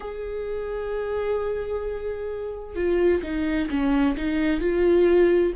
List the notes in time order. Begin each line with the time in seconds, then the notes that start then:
0.00 G#4
2.75 F4
3.23 D#4
3.69 C#4
4.16 D#4
4.60 F4